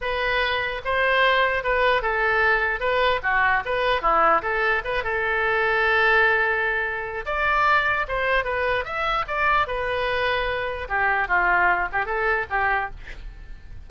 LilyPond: \new Staff \with { instrumentName = "oboe" } { \time 4/4 \tempo 4 = 149 b'2 c''2 | b'4 a'2 b'4 | fis'4 b'4 e'4 a'4 | b'8 a'2.~ a'8~ |
a'2 d''2 | c''4 b'4 e''4 d''4 | b'2. g'4 | f'4. g'8 a'4 g'4 | }